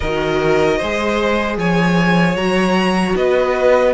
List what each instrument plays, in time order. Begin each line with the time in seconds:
0.00 cello D#3, viola F#4, violin A#4 D#5
0.77 cello G#3, viola G#4, violin C5
1.57 cello F3, violin C#5 G#5
2.35 cello F#3, viola F#4, violin A#5
3.15 cello B3, violin B4 D#5